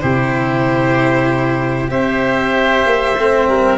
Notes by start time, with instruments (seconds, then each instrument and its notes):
0.00 tuba C3, cello E4, oboe G4, violin C5
1.88 tuba C4, cello G4, oboe C5, violin E5
2.86 tuba A#3
3.17 tuba A3, cello C4
3.48 tuba G3, oboe A#4